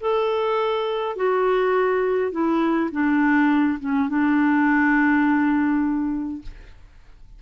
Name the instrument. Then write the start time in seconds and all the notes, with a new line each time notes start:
clarinet
0.00 A4
1.16 F#4
2.31 E4
2.91 D4
3.79 C#4
4.09 D4